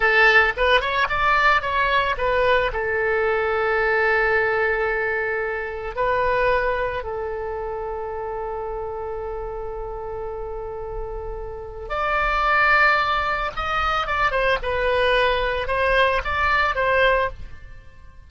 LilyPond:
\new Staff \with { instrumentName = "oboe" } { \time 4/4 \tempo 4 = 111 a'4 b'8 cis''8 d''4 cis''4 | b'4 a'2.~ | a'2. b'4~ | b'4 a'2.~ |
a'1~ | a'2 d''2~ | d''4 dis''4 d''8 c''8 b'4~ | b'4 c''4 d''4 c''4 | }